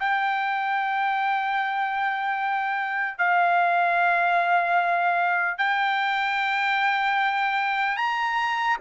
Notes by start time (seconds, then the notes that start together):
0.00 G5
3.19 F5
5.59 G5
7.97 A#5